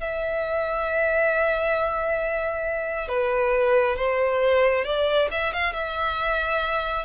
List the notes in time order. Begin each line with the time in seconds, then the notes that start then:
0.00 E5
3.08 B4
3.96 C5
4.84 D5
5.31 E5
5.53 F5
5.73 E5